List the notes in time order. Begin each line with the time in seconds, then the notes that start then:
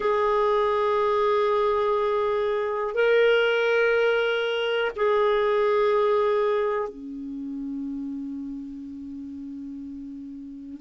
0.00 G#4
2.94 A#4
4.96 G#4
6.89 C#4